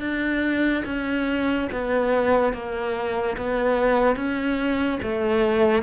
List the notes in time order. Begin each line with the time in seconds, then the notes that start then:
0.00 D4
0.85 C#4
1.72 B3
2.53 A#3
3.37 B3
4.16 C#4
5.02 A3